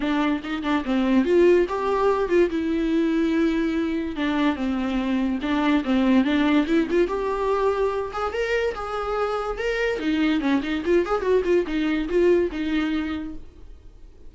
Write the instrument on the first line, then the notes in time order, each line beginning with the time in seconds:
viola
0.00 D4
0.43 D#4
0.62 D4
0.84 C4
1.24 F4
1.69 G4
2.28 F4
2.50 E4
4.16 D4
4.55 C4
5.41 D4
5.84 C4
6.24 D4
6.67 E4
6.90 F4
7.07 G4
8.12 G#4
8.32 A#4
8.74 G#4
9.57 A#4
9.99 D#4
10.40 C#4
10.62 D#4
10.85 F4
11.05 G#4
11.21 F#4
11.44 F4
11.66 D#4
12.08 F4
12.51 D#4